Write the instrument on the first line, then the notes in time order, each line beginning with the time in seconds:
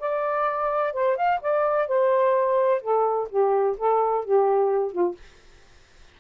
saxophone
0.00 D5
0.93 C5
1.17 F5
1.42 D5
1.88 C5
2.82 A4
3.30 G4
3.78 A4
4.25 G4
4.92 F4